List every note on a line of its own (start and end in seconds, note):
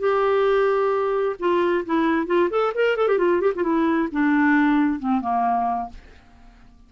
0.00 1.36 G4
1.40 1.85 F4
1.86 2.27 E4
2.27 2.50 F4
2.51 2.74 A4
2.75 2.97 A#4
2.97 3.08 A4
3.08 3.19 G4
3.19 3.41 F4
3.41 3.53 G4
3.56 3.64 F4
3.64 4.09 E4
4.12 5.00 D4
5.00 5.21 C4
5.21 5.90 A#3